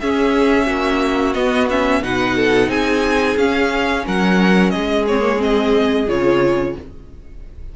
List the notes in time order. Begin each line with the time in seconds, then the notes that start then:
0.00 C#4 G#4 E5
0.66 A#3 F#4
1.34 B3 D#5
1.70 C#4 E5
2.01 B2 D#4 B4 F#5
2.36 A4
2.68 C4 G#4 G#5
3.37 C#4 F5
4.06 F#3 A#4 F#5
4.70 G#3 G#4 D#5
5.08 C4 C#5
5.20 A#3
5.37 C4 D#5
6.08 C#3 F4 C#5